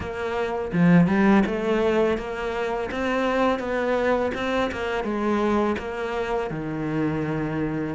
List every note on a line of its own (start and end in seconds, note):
0.00 0.71 A#3
0.72 1.07 F3
1.07 1.43 G3
1.46 2.17 A3
2.17 2.89 A#3
2.91 3.59 C4
3.59 4.31 B3
4.34 4.70 C4
4.71 5.03 A#3
5.03 5.76 G#3
5.78 6.50 A#3
6.50 7.95 D#3